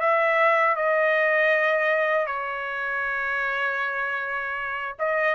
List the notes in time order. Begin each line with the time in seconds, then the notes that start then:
0.00 E5
0.76 D#5
2.26 C#5
4.99 D#5